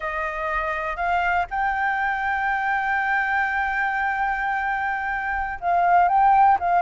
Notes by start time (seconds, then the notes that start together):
0.00 D#5
0.96 F5
1.50 G5
5.60 F5
6.08 G5
6.59 F5